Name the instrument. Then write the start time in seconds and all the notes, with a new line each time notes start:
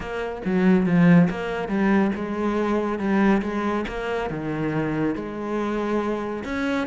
cello
0.00 A#3
0.45 F#3
0.86 F3
1.30 A#3
1.68 G3
2.15 G#3
2.98 G3
3.42 G#3
3.88 A#3
4.30 D#3
5.15 G#3
6.44 C#4